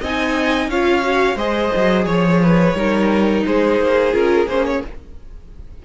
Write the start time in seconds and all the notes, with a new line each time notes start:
0.00 C4 D#4 D#5 G#5
0.67 C#4 F4 C#5 F5
1.02 F#4
1.35 G#3 G#4 C5 D#5
1.76 F#3
2.05 F3 C#5
2.42 B4
2.73 G3 D#4 A#4
3.46 G#3 G#4 C5
3.79 A#3
4.12 C#4 F4 A#4
4.46 A#3 C#4 C5
4.65 C#5